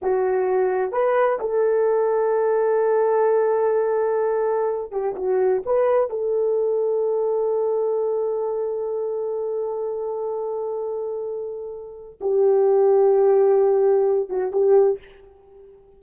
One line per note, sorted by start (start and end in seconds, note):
0.01 0.92 F#4
0.92 1.38 B4
1.39 4.91 A4
4.91 5.14 G4
5.15 5.62 F#4
5.65 6.10 B4
6.10 12.19 A4
12.20 14.29 G4
14.29 14.52 F#4
14.52 14.99 G4